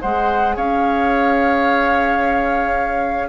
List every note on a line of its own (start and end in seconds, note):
0.00 0.57 G#3
0.00 3.29 G#4
0.00 0.56 C5
0.00 0.57 F#5
0.56 3.29 C#4
0.56 3.29 C#5
0.56 3.29 F5